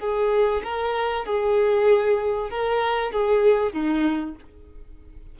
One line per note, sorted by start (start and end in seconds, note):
0.00 0.62 G#4
0.64 1.26 A#4
1.26 2.51 G#4
2.51 3.12 A#4
3.12 3.73 G#4
3.73 4.36 D#4